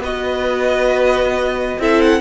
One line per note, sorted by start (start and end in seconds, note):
0.00 1.78 B3
0.00 1.81 F#4
0.00 1.81 B4
0.00 1.82 D#5
1.79 2.21 C4
1.79 2.21 E4
1.79 2.21 A4
1.79 2.01 E5
2.01 2.21 F#5